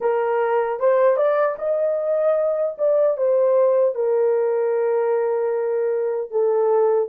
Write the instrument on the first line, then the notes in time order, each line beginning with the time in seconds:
horn
0.00 A#4
0.79 C5
1.16 D5
1.58 D#5
2.78 D5
3.17 C5
3.94 A#4
6.31 A4